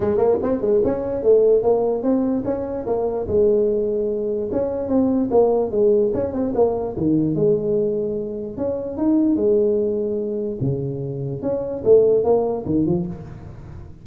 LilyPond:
\new Staff \with { instrumentName = "tuba" } { \time 4/4 \tempo 4 = 147 gis8 ais8 c'8 gis8 cis'4 a4 | ais4 c'4 cis'4 ais4 | gis2. cis'4 | c'4 ais4 gis4 cis'8 c'8 |
ais4 dis4 gis2~ | gis4 cis'4 dis'4 gis4~ | gis2 cis2 | cis'4 a4 ais4 dis8 f8 | }